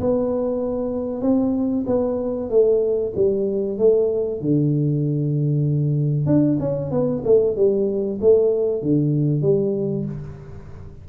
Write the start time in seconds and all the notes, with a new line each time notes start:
0.00 B3
1.21 C4
1.87 B3
2.50 A3
3.16 G3
3.78 A3
4.41 D3
6.26 D4
6.60 C#4
6.91 B3
7.25 A3
7.56 G3
8.21 A3
8.82 D3
9.42 G3